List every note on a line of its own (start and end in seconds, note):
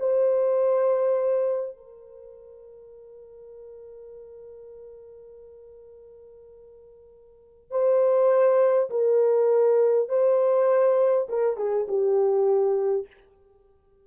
0.00 1.77 C5
1.77 7.71 A#4
7.71 8.90 C5
8.90 10.09 A#4
10.09 11.28 C5
11.29 11.57 A#4
11.57 11.87 G#4
11.88 13.07 G4